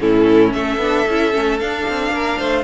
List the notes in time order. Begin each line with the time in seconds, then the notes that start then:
0.00 A2 C#4 E4 A4
0.53 A3 A4 E5
0.77 B3 D4
1.08 C#4 E4
1.33 A3 C#4
1.59 D4 F5
1.88 C4
2.11 A#3 A#4
2.38 A3 C5